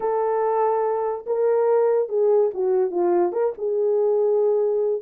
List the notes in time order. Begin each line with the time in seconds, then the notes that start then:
0.00 A4
1.26 A#4
2.08 G#4
2.53 F#4
2.90 F4
3.32 A#4
3.58 G#4